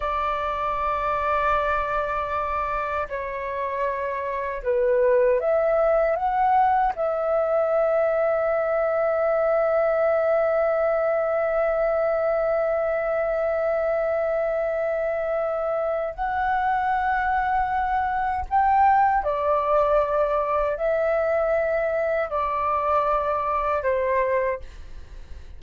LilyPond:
\new Staff \with { instrumentName = "flute" } { \time 4/4 \tempo 4 = 78 d''1 | cis''2 b'4 e''4 | fis''4 e''2.~ | e''1~ |
e''1~ | e''4 fis''2. | g''4 d''2 e''4~ | e''4 d''2 c''4 | }